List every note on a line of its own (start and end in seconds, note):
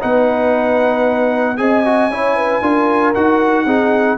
0.00 1.59 B3
0.00 1.57 D#4
0.00 1.58 B4
0.00 1.57 F#5
1.57 2.08 C4
1.57 1.83 G#4
1.57 2.12 D#5
1.57 3.13 G#5
1.84 2.10 F#4
2.08 2.60 C#4
2.08 2.62 E4
2.08 2.36 C#5
2.36 2.62 B4
2.61 3.14 D4
2.61 3.14 F4
2.61 3.65 A#4
3.14 3.65 D#4
3.14 3.67 F#4
3.14 4.18 F#5
3.65 4.17 C4
3.65 4.18 D#4
3.65 4.17 G#4